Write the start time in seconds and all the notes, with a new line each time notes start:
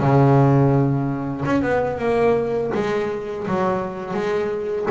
0.00 C#3
1.46 C#4
1.63 B3
1.99 A#3
2.74 G#3
3.48 F#3
4.14 G#3